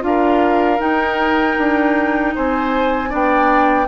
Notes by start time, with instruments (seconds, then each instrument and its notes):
0.00 bassoon D4, clarinet F4, flute F5
0.07 oboe A#4
0.78 clarinet D#4, bassoon D#4, flute G5
1.58 bassoon D4
2.35 bassoon C4, oboe C5, flute G#5
3.09 bassoon B3, clarinet D4, oboe D5, flute G5